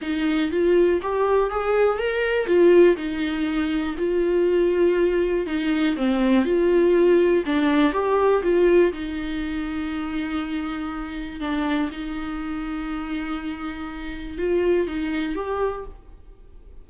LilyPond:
\new Staff \with { instrumentName = "viola" } { \time 4/4 \tempo 4 = 121 dis'4 f'4 g'4 gis'4 | ais'4 f'4 dis'2 | f'2. dis'4 | c'4 f'2 d'4 |
g'4 f'4 dis'2~ | dis'2. d'4 | dis'1~ | dis'4 f'4 dis'4 g'4 | }